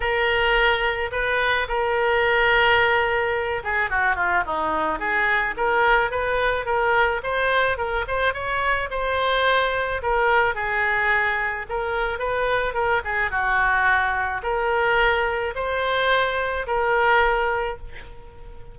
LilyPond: \new Staff \with { instrumentName = "oboe" } { \time 4/4 \tempo 4 = 108 ais'2 b'4 ais'4~ | ais'2~ ais'8 gis'8 fis'8 f'8 | dis'4 gis'4 ais'4 b'4 | ais'4 c''4 ais'8 c''8 cis''4 |
c''2 ais'4 gis'4~ | gis'4 ais'4 b'4 ais'8 gis'8 | fis'2 ais'2 | c''2 ais'2 | }